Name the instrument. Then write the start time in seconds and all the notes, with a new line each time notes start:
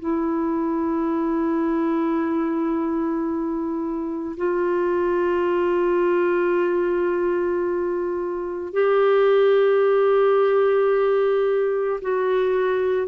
clarinet
0.00 E4
4.37 F4
8.73 G4
12.01 F#4